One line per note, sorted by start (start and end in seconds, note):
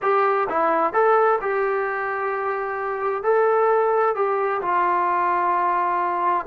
0.01 0.48 G4
0.49 0.93 E4
0.93 1.39 A4
1.41 3.23 G4
3.23 4.15 A4
4.15 4.61 G4
4.61 6.46 F4